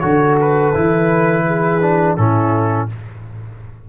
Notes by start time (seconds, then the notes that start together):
0.00 D3 F#4 A4 C#5
0.41 B4
0.75 E3 E4
1.46 G#4
1.82 D4
2.17 A2 C#4 E4 A4